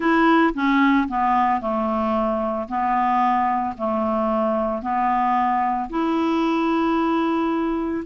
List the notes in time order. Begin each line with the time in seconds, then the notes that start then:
0.00 E4
0.54 C#4
1.08 B3
1.60 A3
2.68 B3
3.77 A3
4.81 B3
5.89 E4